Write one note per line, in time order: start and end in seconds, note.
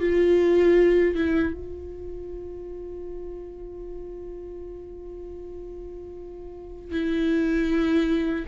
0.00 1.15 F4
1.15 1.54 E4
1.54 6.92 F4
6.92 8.45 E4